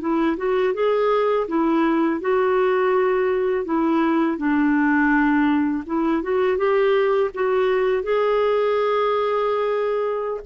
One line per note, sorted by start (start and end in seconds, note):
0.00 0.37 E4
0.37 0.74 F#4
0.74 1.47 G#4
1.48 2.20 E4
2.20 3.65 F#4
3.65 4.37 E4
4.37 5.84 D4
5.86 6.23 E4
6.23 6.57 F#4
6.57 7.30 G4
7.34 8.03 F#4
8.03 10.41 G#4